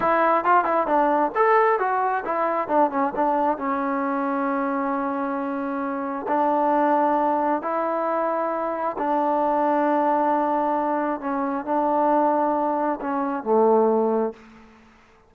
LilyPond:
\new Staff \with { instrumentName = "trombone" } { \time 4/4 \tempo 4 = 134 e'4 f'8 e'8 d'4 a'4 | fis'4 e'4 d'8 cis'8 d'4 | cis'1~ | cis'2 d'2~ |
d'4 e'2. | d'1~ | d'4 cis'4 d'2~ | d'4 cis'4 a2 | }